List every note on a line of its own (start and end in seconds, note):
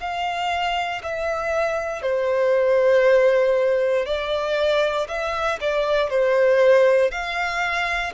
0.00 1.02 F5
1.03 2.02 E5
2.02 4.05 C5
4.05 5.07 D5
5.08 5.59 E5
5.60 6.09 D5
6.09 7.11 C5
7.11 8.13 F5